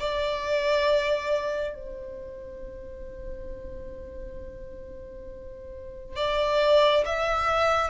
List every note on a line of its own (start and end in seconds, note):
0.00 1.75 D5
1.75 6.16 C5
6.16 7.05 D5
7.06 7.91 E5